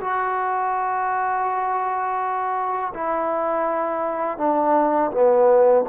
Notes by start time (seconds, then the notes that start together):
0.00 F#4
2.94 E4
4.37 D4
5.11 B3